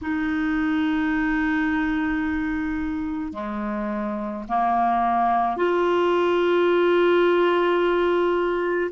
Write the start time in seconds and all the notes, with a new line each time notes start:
0.02 D#4
3.32 G#3
4.48 A#3
5.57 F4